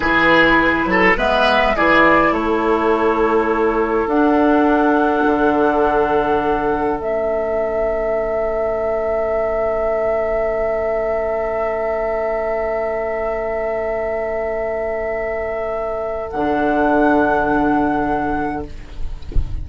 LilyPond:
<<
  \new Staff \with { instrumentName = "flute" } { \time 4/4 \tempo 4 = 103 b'2 e''4 d''4 | cis''2. fis''4~ | fis''1 | e''1~ |
e''1~ | e''1~ | e''1 | fis''1 | }
  \new Staff \with { instrumentName = "oboe" } { \time 4/4 gis'4. a'8 b'4 gis'4 | a'1~ | a'1~ | a'1~ |
a'1~ | a'1~ | a'1~ | a'1 | }
  \new Staff \with { instrumentName = "clarinet" } { \time 4/4 e'2 b4 e'4~ | e'2. d'4~ | d'1 | cis'1~ |
cis'1~ | cis'1~ | cis'1 | d'1 | }
  \new Staff \with { instrumentName = "bassoon" } { \time 4/4 e4. fis8 gis4 e4 | a2. d'4~ | d'4 d2. | a1~ |
a1~ | a1~ | a1 | d1 | }
>>